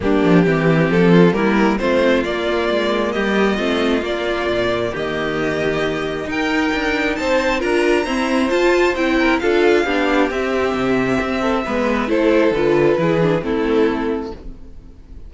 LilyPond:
<<
  \new Staff \with { instrumentName = "violin" } { \time 4/4 \tempo 4 = 134 g'2 a'4 ais'4 | c''4 d''2 dis''4~ | dis''4 d''2 dis''4~ | dis''2 g''2 |
a''4 ais''2 a''4 | g''4 f''2 e''4~ | e''2. c''4 | b'2 a'2 | }
  \new Staff \with { instrumentName = "violin" } { \time 4/4 d'4 g'4. f'8 e'4 | f'2. g'4 | f'2. g'4~ | g'2 ais'2 |
c''4 ais'4 c''2~ | c''8 ais'8 a'4 g'2~ | g'4. a'8 b'4 a'4~ | a'4 gis'4 e'2 | }
  \new Staff \with { instrumentName = "viola" } { \time 4/4 ais4 c'2 ais4 | c'4 ais2. | c'4 ais2.~ | ais2 dis'2~ |
dis'4 f'4 c'4 f'4 | e'4 f'4 d'4 c'4~ | c'2 b4 e'4 | f'4 e'8 d'8 c'2 | }
  \new Staff \with { instrumentName = "cello" } { \time 4/4 g8 f8 e4 f4 g4 | a4 ais4 gis4 g4 | a4 ais4 ais,4 dis4~ | dis2 dis'4 d'4 |
c'4 d'4 e'4 f'4 | c'4 d'4 b4 c'4 | c4 c'4 gis4 a4 | d4 e4 a2 | }
>>